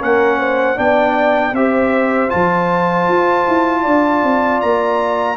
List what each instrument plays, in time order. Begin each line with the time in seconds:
0.00 tuba A#3, trombone C#4, horn A#4, trumpet F#5
0.39 horn C5
0.77 tuba B3, trombone D4, horn D5, trumpet G5
1.53 tuba C4, trombone G4, horn C5, trumpet E5
2.29 tuba F3, trombone F4, trumpet A5
3.09 tuba F4
3.48 tuba E4
3.82 tuba D4, horn D5
4.24 tuba C4
4.61 tuba A#3, trumpet A#5